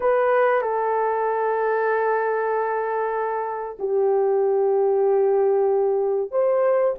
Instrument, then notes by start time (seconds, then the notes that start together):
horn
0.00 B4
0.61 A4
3.79 G4
6.31 C5